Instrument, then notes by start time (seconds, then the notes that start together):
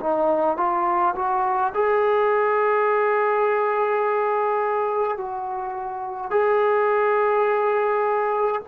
trombone
0.00 D#4
0.57 F4
1.15 F#4
1.74 G#4
5.17 F#4
6.30 G#4